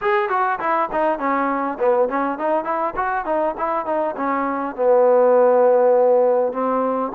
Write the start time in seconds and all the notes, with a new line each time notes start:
0.01 G#4
0.29 F#4
0.59 E4
0.92 D#4
1.18 C#4
1.79 B3
2.08 C#4
2.38 D#4
2.64 E4
2.96 F#4
3.25 D#4
3.57 E4
3.85 D#4
4.16 C#4
4.75 B3
6.52 C4